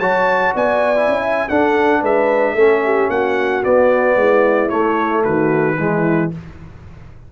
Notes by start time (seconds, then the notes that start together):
0.00 F#3 F#4 C#5 A5
0.55 B3 D5 G#5
0.96 E4
1.08 C#4
1.22 E5
1.49 D4 A4 F#5
2.00 G#3 B4 E5
2.55 A3 C#4 A4
2.85 G4
3.10 A#3 F#4 F#5
3.64 B3 D5
4.16 G#3 E4
4.70 A3 C#5
5.24 D#3 F#4 B4
5.79 E3 G#3 E4